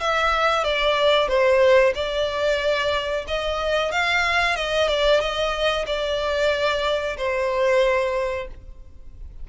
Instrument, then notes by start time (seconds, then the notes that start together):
violin
0.00 E5
0.64 D5
1.27 C5
1.94 D5
3.27 D#5
3.91 F5
4.56 D#5
4.87 D5
5.20 D#5
5.86 D5
7.17 C5